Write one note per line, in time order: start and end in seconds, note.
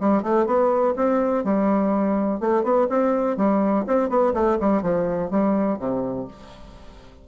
0.00 0.23 G3
0.23 0.46 A3
0.46 0.94 B3
0.96 1.44 C4
1.44 2.40 G3
2.40 2.63 A3
2.63 2.87 B3
2.89 3.37 C4
3.37 3.86 G3
3.87 4.09 C4
4.09 4.34 B3
4.34 4.58 A3
4.60 4.82 G3
4.82 5.30 F3
5.30 5.79 G3
5.79 6.27 C3